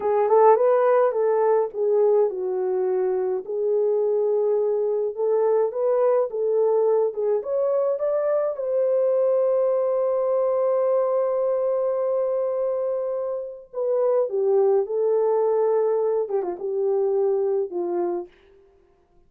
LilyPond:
\new Staff \with { instrumentName = "horn" } { \time 4/4 \tempo 4 = 105 gis'8 a'8 b'4 a'4 gis'4 | fis'2 gis'2~ | gis'4 a'4 b'4 a'4~ | a'8 gis'8 cis''4 d''4 c''4~ |
c''1~ | c''1 | b'4 g'4 a'2~ | a'8 g'16 f'16 g'2 f'4 | }